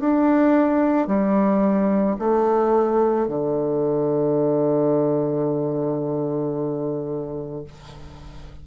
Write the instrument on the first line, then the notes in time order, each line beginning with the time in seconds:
bassoon
0.00 D4
1.07 G3
2.19 A3
3.27 D3